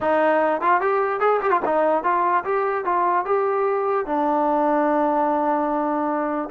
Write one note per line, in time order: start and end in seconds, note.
0.00 0.61 D#4
0.61 0.81 F4
0.81 1.20 G4
1.20 1.40 G#4
1.41 1.50 G4
1.50 1.60 F4
1.65 2.03 D#4
2.03 2.44 F4
2.44 2.84 G4
2.84 3.25 F4
3.25 4.05 G4
4.05 6.49 D4